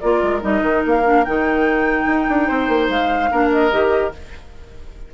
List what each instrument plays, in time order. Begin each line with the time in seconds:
0.00 bassoon A#3, clarinet F4, oboe A#4, flute D5
0.23 bassoon G#3
0.41 bassoon G3, clarinet D#4, flute D#5
0.62 bassoon D#3
0.86 bassoon A#3, flute F5
1.04 clarinet D4
1.24 bassoon D#3, clarinet D#4, flute G5
2.06 bassoon D#4
2.29 bassoon D4
2.47 bassoon C4, oboe C5
2.68 bassoon A#3
2.88 bassoon G#3, flute F5
3.31 bassoon A#3, clarinet D4, oboe A#4
3.51 flute D#5
3.70 bassoon D#3, clarinet G4